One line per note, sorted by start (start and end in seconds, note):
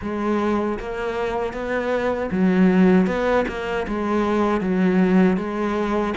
0.02 0.79 G#3
0.79 1.53 A#3
1.53 2.30 B3
2.31 3.07 F#3
3.07 3.45 B3
3.48 3.86 A#3
3.87 4.60 G#3
4.60 5.37 F#3
5.37 6.14 G#3